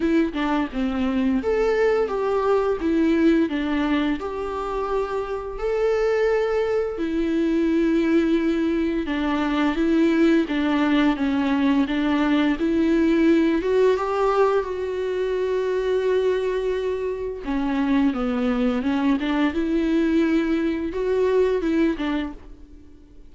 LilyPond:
\new Staff \with { instrumentName = "viola" } { \time 4/4 \tempo 4 = 86 e'8 d'8 c'4 a'4 g'4 | e'4 d'4 g'2 | a'2 e'2~ | e'4 d'4 e'4 d'4 |
cis'4 d'4 e'4. fis'8 | g'4 fis'2.~ | fis'4 cis'4 b4 cis'8 d'8 | e'2 fis'4 e'8 d'8 | }